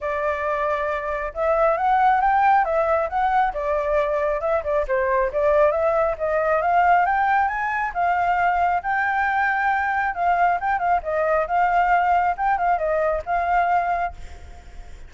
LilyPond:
\new Staff \with { instrumentName = "flute" } { \time 4/4 \tempo 4 = 136 d''2. e''4 | fis''4 g''4 e''4 fis''4 | d''2 e''8 d''8 c''4 | d''4 e''4 dis''4 f''4 |
g''4 gis''4 f''2 | g''2. f''4 | g''8 f''8 dis''4 f''2 | g''8 f''8 dis''4 f''2 | }